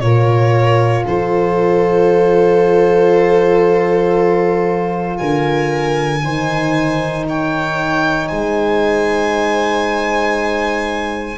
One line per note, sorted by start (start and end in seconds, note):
0.00 1.05 A#2
0.00 6.22 F4
0.00 1.05 A#4
0.00 1.03 C#5
1.05 5.19 F3
1.05 5.19 A4
1.05 5.17 C5
5.17 6.24 D3
5.17 6.23 A#4
5.17 7.24 G#5
6.24 8.31 D#3
6.24 11.38 D#4
6.24 7.27 C5
7.28 8.29 C#5
7.28 8.28 G5
8.28 11.38 G#3
8.28 11.38 C5
8.28 11.38 G#5